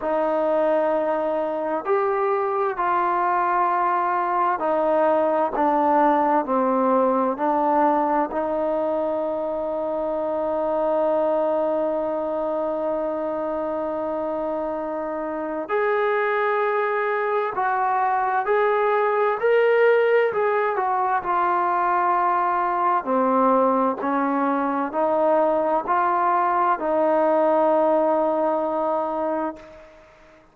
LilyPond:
\new Staff \with { instrumentName = "trombone" } { \time 4/4 \tempo 4 = 65 dis'2 g'4 f'4~ | f'4 dis'4 d'4 c'4 | d'4 dis'2.~ | dis'1~ |
dis'4 gis'2 fis'4 | gis'4 ais'4 gis'8 fis'8 f'4~ | f'4 c'4 cis'4 dis'4 | f'4 dis'2. | }